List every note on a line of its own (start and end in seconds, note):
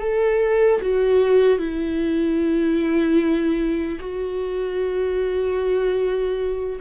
0.00 0.80 A4
0.81 1.59 F#4
1.59 3.99 E4
3.99 6.79 F#4